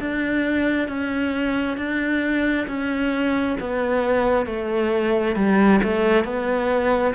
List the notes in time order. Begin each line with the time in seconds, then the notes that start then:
0.00 D4
0.88 C#4
1.77 D4
2.68 C#4
3.60 B3
4.46 A3
5.36 G3
5.84 A3
6.24 B3